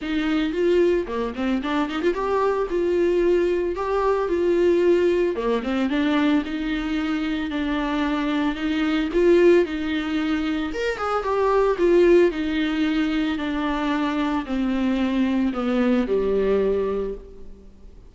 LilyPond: \new Staff \with { instrumentName = "viola" } { \time 4/4 \tempo 4 = 112 dis'4 f'4 ais8 c'8 d'8 dis'16 f'16 | g'4 f'2 g'4 | f'2 ais8 c'8 d'4 | dis'2 d'2 |
dis'4 f'4 dis'2 | ais'8 gis'8 g'4 f'4 dis'4~ | dis'4 d'2 c'4~ | c'4 b4 g2 | }